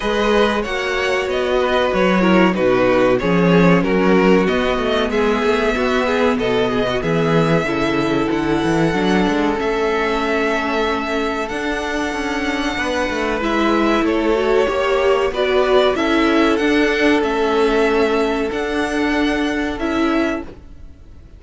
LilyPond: <<
  \new Staff \with { instrumentName = "violin" } { \time 4/4 \tempo 4 = 94 dis''4 fis''4 dis''4 cis''4 | b'4 cis''4 ais'4 dis''4 | e''2 dis''4 e''4~ | e''4 fis''2 e''4~ |
e''2 fis''2~ | fis''4 e''4 cis''2 | d''4 e''4 fis''4 e''4~ | e''4 fis''2 e''4 | }
  \new Staff \with { instrumentName = "violin" } { \time 4/4 b'4 cis''4. b'4 ais'8 | fis'4 gis'4 fis'2 | gis'4 fis'8 gis'8 a'8 gis'16 fis'16 gis'4 | a'1~ |
a'1 | b'2 a'4 cis''4 | b'4 a'2.~ | a'1 | }
  \new Staff \with { instrumentName = "viola" } { \time 4/4 gis'4 fis'2~ fis'8 e'8 | dis'4 cis'2 b4~ | b1 | e'2 d'4 cis'4~ |
cis'2 d'2~ | d'4 e'4. fis'8 g'4 | fis'4 e'4 d'4 cis'4~ | cis'4 d'2 e'4 | }
  \new Staff \with { instrumentName = "cello" } { \time 4/4 gis4 ais4 b4 fis4 | b,4 f4 fis4 b8 a8 | gis8 a8 b4 b,4 e4 | cis4 d8 e8 fis8 gis8 a4~ |
a2 d'4 cis'4 | b8 a8 gis4 a4 ais4 | b4 cis'4 d'4 a4~ | a4 d'2 cis'4 | }
>>